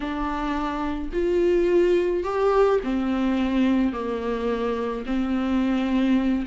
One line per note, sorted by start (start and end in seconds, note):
0.00 1.09 D4
1.12 2.23 F4
2.23 2.79 G4
2.83 3.92 C4
3.92 5.04 A#3
5.05 6.46 C4